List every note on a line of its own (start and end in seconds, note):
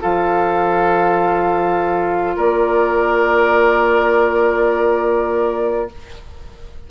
0.00 2.37 F3
0.00 5.88 F4
0.00 2.36 A4
0.00 2.37 F5
2.36 5.89 A#3
2.36 5.88 A#4
2.36 5.90 D5